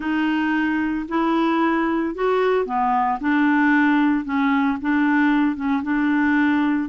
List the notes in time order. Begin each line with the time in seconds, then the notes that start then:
0.00 D#4
1.08 E4
2.14 F#4
2.65 B3
3.20 D4
4.24 C#4
4.81 D4
5.56 C#4
5.82 D4